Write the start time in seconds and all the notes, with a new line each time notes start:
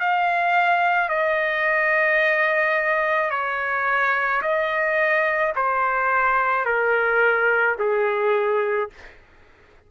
0.00 F5
1.09 D#5
3.30 C#5
4.42 D#5
5.56 C5
6.65 A#4
7.79 G#4